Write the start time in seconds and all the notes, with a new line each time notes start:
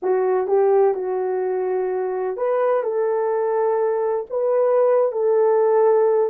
0.02 F#4
0.47 G4
0.94 F#4
2.36 B4
2.83 A4
4.29 B4
5.12 A4